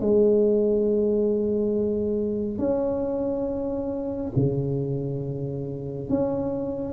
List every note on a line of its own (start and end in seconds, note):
0.00 2.58 G#3
2.58 4.32 C#4
4.36 6.09 C#3
6.09 6.92 C#4